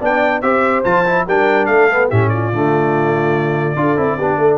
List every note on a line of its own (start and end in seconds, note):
0.00 0.42 B3
0.00 0.42 D4
0.00 0.42 D5
0.00 0.41 G5
0.41 0.83 C4
0.41 0.84 G4
0.41 1.26 C5
0.41 0.83 E5
0.84 1.26 F3
0.84 1.05 F4
0.84 1.26 A5
1.05 1.26 E4
1.27 1.67 G3
1.27 1.90 D4
1.27 1.68 A#4
1.27 1.65 G5
1.65 2.09 A3
1.65 2.09 A4
1.65 2.07 F5
1.90 2.11 B3
2.09 2.52 A2
2.09 2.53 C#4
2.09 2.30 G4
2.09 2.29 E5
2.29 3.79 F4
2.29 4.58 D5
2.52 3.75 D3
2.52 3.76 A3
3.75 3.96 D4
3.75 3.97 F4
3.75 4.17 A4
3.97 4.18 C4
3.97 4.18 E4
4.17 4.37 B3
4.17 4.58 D4
4.17 4.38 G4
4.37 4.58 A3
4.37 4.58 A4